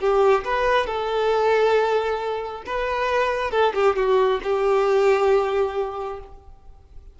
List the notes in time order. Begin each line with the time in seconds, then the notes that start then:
0.00 G4
0.45 B4
0.87 A4
2.66 B4
3.51 A4
3.74 G4
3.96 F#4
4.43 G4